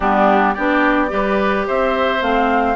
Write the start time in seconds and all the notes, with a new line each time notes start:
0.00 G3 B3 D4 G4
0.53 B3 D4 G4 D5
1.08 G3 G4 B4
1.67 C4 C5 E5
2.20 A3 C4 F5